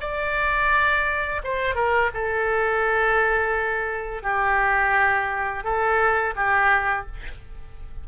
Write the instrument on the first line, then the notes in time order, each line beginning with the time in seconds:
oboe
0.00 D5
1.43 C5
1.75 A#4
2.14 A4
4.22 G4
5.63 A4
6.35 G4